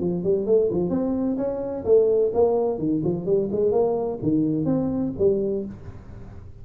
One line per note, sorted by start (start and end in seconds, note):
0.00 0.23 F3
0.24 0.46 G3
0.46 0.69 A3
0.71 0.90 F3
0.90 1.37 C4
1.37 1.84 C#4
1.85 2.31 A3
2.34 2.78 A#3
2.78 3.02 D#3
3.04 3.26 F3
3.26 3.49 G3
3.52 3.72 G#3
3.72 4.19 A#3
4.22 4.65 D#3
4.65 5.12 C4
5.18 5.65 G3